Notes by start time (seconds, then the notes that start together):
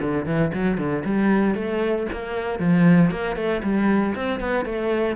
0.00 D3
0.25 E3
0.53 F#3
0.77 D3
1.04 G3
1.55 A3
2.12 A#3
2.59 F3
3.10 A#3
3.36 A3
3.63 G3
4.15 C4
4.40 B3
4.65 A3